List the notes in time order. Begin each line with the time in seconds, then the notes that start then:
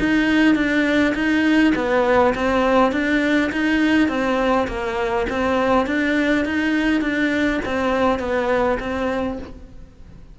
0.00 D#4
0.55 D4
1.15 D#4
1.75 B3
2.35 C4
2.92 D4
3.52 D#4
4.09 C4
4.68 A#3
5.30 C4
5.87 D4
6.45 D#4
7.02 D4
7.66 C4
8.19 B3
8.80 C4